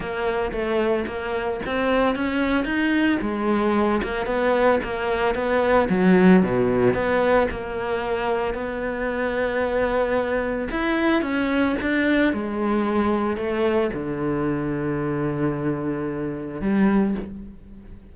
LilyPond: \new Staff \with { instrumentName = "cello" } { \time 4/4 \tempo 4 = 112 ais4 a4 ais4 c'4 | cis'4 dis'4 gis4. ais8 | b4 ais4 b4 fis4 | b,4 b4 ais2 |
b1 | e'4 cis'4 d'4 gis4~ | gis4 a4 d2~ | d2. g4 | }